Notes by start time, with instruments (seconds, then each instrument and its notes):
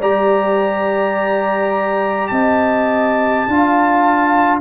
0.00 tuba G3, trombone G4, horn D5, trumpet A#5
2.28 tuba C4, horn D#5, trumpet A5
3.48 tuba D4, trombone F4, horn F5